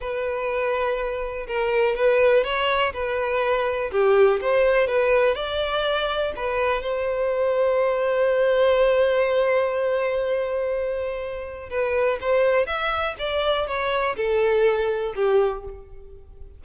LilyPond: \new Staff \with { instrumentName = "violin" } { \time 4/4 \tempo 4 = 123 b'2. ais'4 | b'4 cis''4 b'2 | g'4 c''4 b'4 d''4~ | d''4 b'4 c''2~ |
c''1~ | c''1 | b'4 c''4 e''4 d''4 | cis''4 a'2 g'4 | }